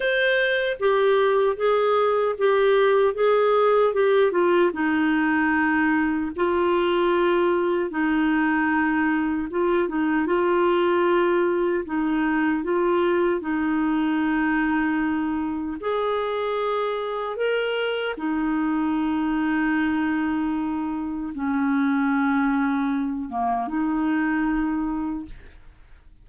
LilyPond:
\new Staff \with { instrumentName = "clarinet" } { \time 4/4 \tempo 4 = 76 c''4 g'4 gis'4 g'4 | gis'4 g'8 f'8 dis'2 | f'2 dis'2 | f'8 dis'8 f'2 dis'4 |
f'4 dis'2. | gis'2 ais'4 dis'4~ | dis'2. cis'4~ | cis'4. ais8 dis'2 | }